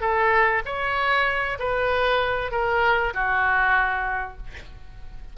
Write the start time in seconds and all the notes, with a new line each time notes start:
0.00 A4
0.65 C#5
1.59 B4
2.51 A#4
3.13 F#4